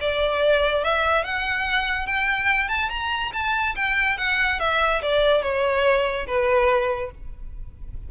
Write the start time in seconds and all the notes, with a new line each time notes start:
0.00 D5
0.84 E5
1.24 F#5
2.06 G5
2.68 A5
2.89 A#5
3.33 A5
3.75 G5
4.17 F#5
4.59 E5
5.02 D5
5.42 C#5
6.27 B4